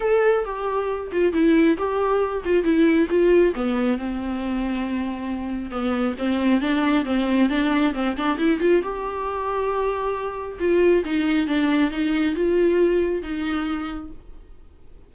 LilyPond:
\new Staff \with { instrumentName = "viola" } { \time 4/4 \tempo 4 = 136 a'4 g'4. f'8 e'4 | g'4. f'8 e'4 f'4 | b4 c'2.~ | c'4 b4 c'4 d'4 |
c'4 d'4 c'8 d'8 e'8 f'8 | g'1 | f'4 dis'4 d'4 dis'4 | f'2 dis'2 | }